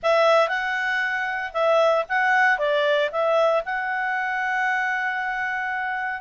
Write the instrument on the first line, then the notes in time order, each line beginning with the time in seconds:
clarinet
0.02 E5
0.48 F#5
1.53 E5
2.08 F#5
2.58 D5
3.11 E5
3.65 F#5